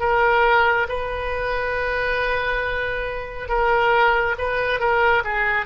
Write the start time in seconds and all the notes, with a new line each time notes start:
0.00 A#4
0.89 B4
3.49 A#4
4.38 B4
4.80 A#4
5.25 G#4